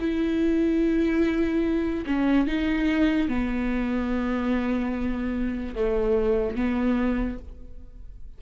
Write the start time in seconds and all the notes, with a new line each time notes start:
0.00 E4
2.07 C#4
2.47 D#4
3.28 B3
5.75 A3
6.56 B3